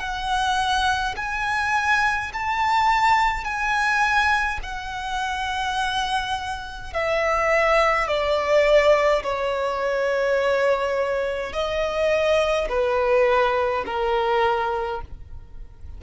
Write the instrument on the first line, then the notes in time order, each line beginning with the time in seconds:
violin
0.00 F#5
1.17 G#5
2.33 A5
3.45 G#5
4.63 F#5
6.93 E5
8.08 D5
9.24 C#5
11.53 D#5
12.69 B4
13.86 A#4